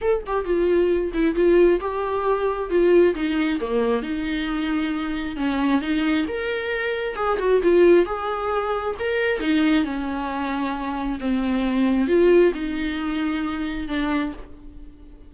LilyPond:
\new Staff \with { instrumentName = "viola" } { \time 4/4 \tempo 4 = 134 a'8 g'8 f'4. e'8 f'4 | g'2 f'4 dis'4 | ais4 dis'2. | cis'4 dis'4 ais'2 |
gis'8 fis'8 f'4 gis'2 | ais'4 dis'4 cis'2~ | cis'4 c'2 f'4 | dis'2. d'4 | }